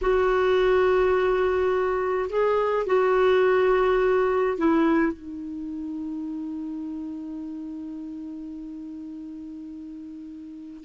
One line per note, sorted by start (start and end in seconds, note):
0.01 2.29 F#4
2.29 2.86 G#4
2.86 4.57 F#4
4.57 5.12 E4
5.12 10.84 D#4